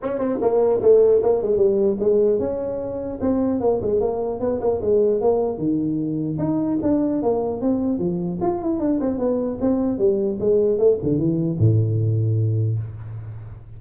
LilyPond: \new Staff \with { instrumentName = "tuba" } { \time 4/4 \tempo 4 = 150 cis'8 c'8 ais4 a4 ais8 gis8 | g4 gis4 cis'2 | c'4 ais8 gis8 ais4 b8 ais8 | gis4 ais4 dis2 |
dis'4 d'4 ais4 c'4 | f4 f'8 e'8 d'8 c'8 b4 | c'4 g4 gis4 a8 d8 | e4 a,2. | }